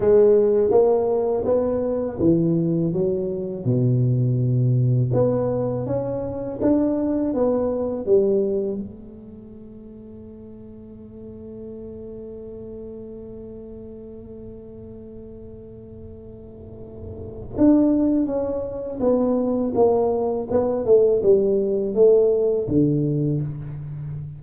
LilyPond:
\new Staff \with { instrumentName = "tuba" } { \time 4/4 \tempo 4 = 82 gis4 ais4 b4 e4 | fis4 b,2 b4 | cis'4 d'4 b4 g4 | a1~ |
a1~ | a1 | d'4 cis'4 b4 ais4 | b8 a8 g4 a4 d4 | }